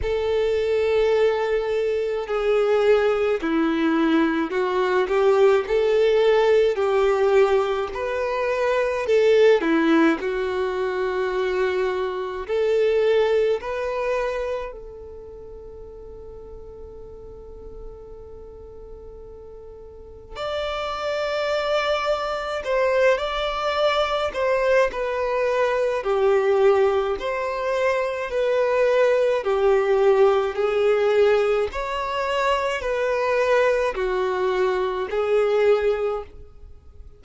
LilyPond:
\new Staff \with { instrumentName = "violin" } { \time 4/4 \tempo 4 = 53 a'2 gis'4 e'4 | fis'8 g'8 a'4 g'4 b'4 | a'8 e'8 fis'2 a'4 | b'4 a'2.~ |
a'2 d''2 | c''8 d''4 c''8 b'4 g'4 | c''4 b'4 g'4 gis'4 | cis''4 b'4 fis'4 gis'4 | }